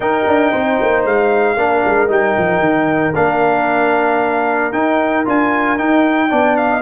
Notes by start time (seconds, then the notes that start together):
0.00 D#4 A#4 G5
0.27 D4
0.51 C4 C5
0.80 A#3
1.05 G#3 F5
1.56 A#3 D4 A#4
1.84 G#3
2.08 G3 D#4 G5
2.38 F3
2.59 D#3
3.14 A#3 D4 F5
4.72 D#4 G5
5.25 D4 F4 G#5
5.78 D#4 G5
6.28 B3 D4 D5
6.56 F5
6.70 D#5